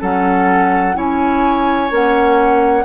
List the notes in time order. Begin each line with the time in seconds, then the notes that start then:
0.00 F#3 C#4 A4 F#5
0.94 C#4 E4 C#5 G#5
1.89 A#3 C#4 F#5